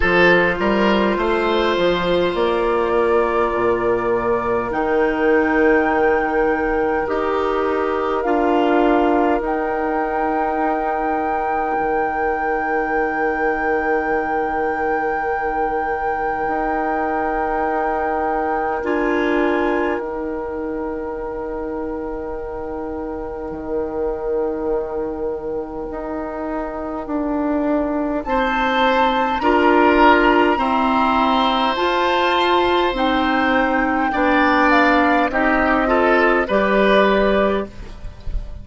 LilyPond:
<<
  \new Staff \with { instrumentName = "flute" } { \time 4/4 \tempo 4 = 51 c''2 d''2 | g''2 dis''4 f''4 | g''1~ | g''1 |
gis''4 g''2.~ | g''1 | a''4 ais''2 a''4 | g''4. f''8 dis''4 d''4 | }
  \new Staff \with { instrumentName = "oboe" } { \time 4/4 a'8 ais'8 c''4. ais'4.~ | ais'1~ | ais'1~ | ais'1~ |
ais'1~ | ais'1 | c''4 ais'4 c''2~ | c''4 d''4 g'8 a'8 b'4 | }
  \new Staff \with { instrumentName = "clarinet" } { \time 4/4 f'1 | dis'2 g'4 f'4 | dis'1~ | dis'1 |
f'4 dis'2.~ | dis'1~ | dis'4 f'4 c'4 f'4 | dis'4 d'4 dis'8 f'8 g'4 | }
  \new Staff \with { instrumentName = "bassoon" } { \time 4/4 f8 g8 a8 f8 ais4 ais,4 | dis2 dis'4 d'4 | dis'2 dis2~ | dis2 dis'2 |
d'4 dis'2. | dis2 dis'4 d'4 | c'4 d'4 e'4 f'4 | c'4 b4 c'4 g4 | }
>>